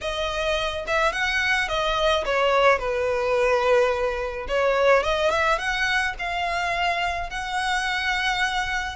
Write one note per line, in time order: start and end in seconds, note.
0.01 0.85 D#5
0.87 1.12 E5
1.12 1.68 F#5
1.68 2.24 D#5
2.25 2.78 C#5
2.78 4.47 B4
4.47 5.03 C#5
5.03 5.30 D#5
5.30 5.58 E5
5.58 6.14 F#5
6.18 7.30 F5
7.30 8.96 F#5